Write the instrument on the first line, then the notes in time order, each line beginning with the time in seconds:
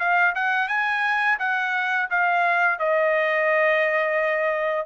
trumpet
0.00 F5
0.36 F#5
0.69 G#5
1.40 F#5
2.11 F5
2.80 D#5